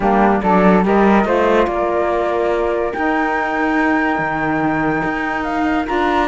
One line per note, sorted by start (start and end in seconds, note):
0.00 0.41 G3
0.00 0.43 A#3
0.00 0.42 D4
0.00 0.40 G4
0.41 0.85 F#3
0.41 0.83 D4
0.41 0.84 A4
0.41 0.83 D5
0.83 1.24 G3
0.83 1.23 G4
0.83 1.26 A#4
0.83 1.66 D#5
1.23 1.66 A3
1.23 2.91 F4
1.23 1.68 C5
1.66 2.93 A#3
1.66 6.27 A#4
1.66 2.92 D5
2.92 4.18 D#4
2.92 5.85 D#4
2.92 5.43 G5
4.18 5.02 D#3
5.04 5.87 D#4
5.43 5.85 F5
5.85 6.27 D4
5.85 6.27 F4
5.85 6.27 A#5